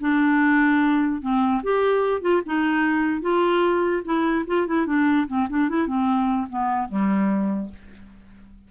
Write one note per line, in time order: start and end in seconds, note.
0.00 1.21 D4
1.21 1.62 C4
1.63 2.21 G4
2.21 2.42 F4
2.46 3.21 D#4
3.21 4.02 F4
4.04 4.45 E4
4.47 4.67 F4
4.67 4.86 E4
4.86 5.27 D4
5.27 5.48 C4
5.49 5.69 D4
5.69 5.87 E4
5.87 6.48 C4
6.49 6.88 B3
6.88 7.70 G3